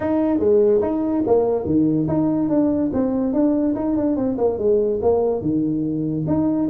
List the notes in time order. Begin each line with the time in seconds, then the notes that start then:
0.00 D#4
0.39 G#3
0.81 D#4
1.26 A#3
1.65 D#3
2.08 D#4
2.49 D4
2.93 C4
3.33 D4
3.75 D#4
3.96 D4
4.16 C4
4.37 A#3
4.58 G#3
5.02 A#3
5.41 D#3
6.27 D#4